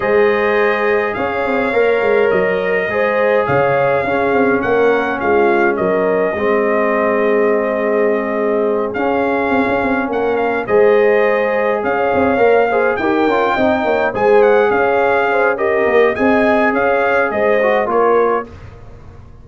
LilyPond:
<<
  \new Staff \with { instrumentName = "trumpet" } { \time 4/4 \tempo 4 = 104 dis''2 f''2 | dis''2 f''2 | fis''4 f''4 dis''2~ | dis''2.~ dis''8 f''8~ |
f''4. fis''8 f''8 dis''4.~ | dis''8 f''2 g''4.~ | g''8 gis''8 fis''8 f''4. dis''4 | gis''4 f''4 dis''4 cis''4 | }
  \new Staff \with { instrumentName = "horn" } { \time 4/4 c''2 cis''2~ | cis''4 c''4 cis''4 gis'4 | ais'4 f'4 ais'4 gis'4~ | gis'1~ |
gis'4. ais'4 c''4.~ | c''8 cis''4. c''8 ais'4 dis''8 | cis''8 c''4 cis''4 c''8 ais'4 | dis''4 cis''4 c''4 ais'4 | }
  \new Staff \with { instrumentName = "trombone" } { \time 4/4 gis'2. ais'4~ | ais'4 gis'2 cis'4~ | cis'2. c'4~ | c'2.~ c'8 cis'8~ |
cis'2~ cis'8 gis'4.~ | gis'4. ais'8 gis'8 g'8 f'8 dis'8~ | dis'8 gis'2~ gis'8 g'4 | gis'2~ gis'8 fis'8 f'4 | }
  \new Staff \with { instrumentName = "tuba" } { \time 4/4 gis2 cis'8 c'8 ais8 gis8 | fis4 gis4 cis4 cis'8 c'8 | ais4 gis4 fis4 gis4~ | gis2.~ gis8 cis'8~ |
cis'8 c'16 cis'16 c'8 ais4 gis4.~ | gis8 cis'8 c'8 ais4 dis'8 cis'8 c'8 | ais8 gis4 cis'2 ais8 | c'4 cis'4 gis4 ais4 | }
>>